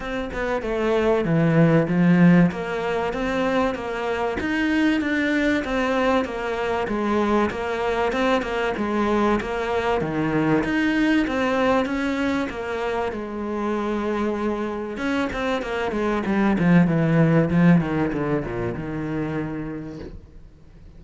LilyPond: \new Staff \with { instrumentName = "cello" } { \time 4/4 \tempo 4 = 96 c'8 b8 a4 e4 f4 | ais4 c'4 ais4 dis'4 | d'4 c'4 ais4 gis4 | ais4 c'8 ais8 gis4 ais4 |
dis4 dis'4 c'4 cis'4 | ais4 gis2. | cis'8 c'8 ais8 gis8 g8 f8 e4 | f8 dis8 d8 ais,8 dis2 | }